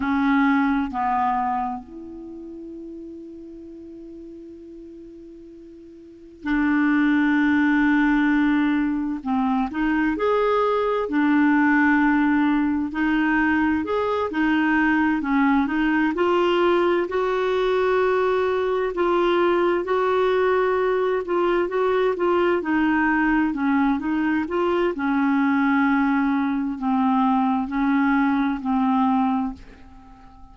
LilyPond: \new Staff \with { instrumentName = "clarinet" } { \time 4/4 \tempo 4 = 65 cis'4 b4 e'2~ | e'2. d'4~ | d'2 c'8 dis'8 gis'4 | d'2 dis'4 gis'8 dis'8~ |
dis'8 cis'8 dis'8 f'4 fis'4.~ | fis'8 f'4 fis'4. f'8 fis'8 | f'8 dis'4 cis'8 dis'8 f'8 cis'4~ | cis'4 c'4 cis'4 c'4 | }